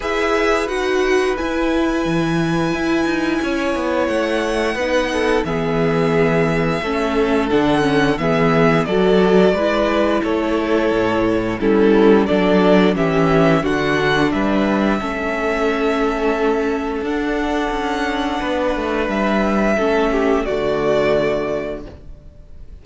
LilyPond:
<<
  \new Staff \with { instrumentName = "violin" } { \time 4/4 \tempo 4 = 88 e''4 fis''4 gis''2~ | gis''2 fis''2 | e''2. fis''4 | e''4 d''2 cis''4~ |
cis''4 a'4 d''4 e''4 | fis''4 e''2.~ | e''4 fis''2. | e''2 d''2 | }
  \new Staff \with { instrumentName = "violin" } { \time 4/4 b'1~ | b'4 cis''2 b'8 a'8 | gis'2 a'2 | gis'4 a'4 b'4 a'4~ |
a'4 e'4 a'4 g'4 | fis'4 b'4 a'2~ | a'2. b'4~ | b'4 a'8 g'8 fis'2 | }
  \new Staff \with { instrumentName = "viola" } { \time 4/4 gis'4 fis'4 e'2~ | e'2. dis'4 | b2 cis'4 d'8 cis'8 | b4 fis'4 e'2~ |
e'4 cis'4 d'4 cis'4 | d'2 cis'2~ | cis'4 d'2.~ | d'4 cis'4 a2 | }
  \new Staff \with { instrumentName = "cello" } { \time 4/4 e'4 dis'4 e'4 e4 | e'8 dis'8 cis'8 b8 a4 b4 | e2 a4 d4 | e4 fis4 gis4 a4 |
a,4 g4 fis4 e4 | d4 g4 a2~ | a4 d'4 cis'4 b8 a8 | g4 a4 d2 | }
>>